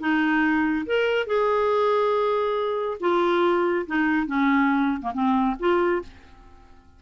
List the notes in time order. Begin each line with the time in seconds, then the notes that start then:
0.00 D#4
0.87 A#4
1.27 G#4
3.01 F4
3.87 D#4
4.27 C#4
5.02 A#3
5.14 C4
5.60 F4